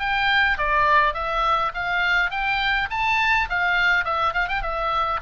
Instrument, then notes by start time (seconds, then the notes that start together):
oboe
0.00 G5
0.58 D5
1.14 E5
1.75 F5
2.31 G5
2.91 A5
3.50 F5
4.05 E5
4.34 F5
4.49 G5
4.63 E5